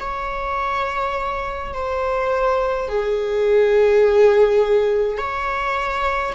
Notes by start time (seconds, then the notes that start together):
0.00 C#5
1.73 C5
2.88 G#4
5.18 C#5